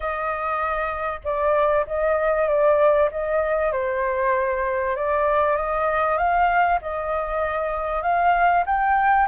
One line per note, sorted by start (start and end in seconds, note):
0.00 1.20 D#5
1.23 1.85 D5
1.87 2.47 D#5
2.47 3.09 D5
3.11 3.72 D#5
3.72 4.95 C5
4.95 5.56 D5
5.56 6.17 D#5
6.17 6.79 F5
6.81 8.02 D#5
8.02 8.64 F5
8.66 9.28 G5